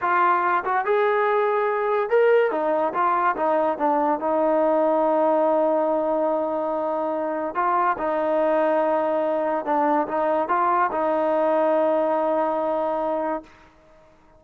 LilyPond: \new Staff \with { instrumentName = "trombone" } { \time 4/4 \tempo 4 = 143 f'4. fis'8 gis'2~ | gis'4 ais'4 dis'4 f'4 | dis'4 d'4 dis'2~ | dis'1~ |
dis'2 f'4 dis'4~ | dis'2. d'4 | dis'4 f'4 dis'2~ | dis'1 | }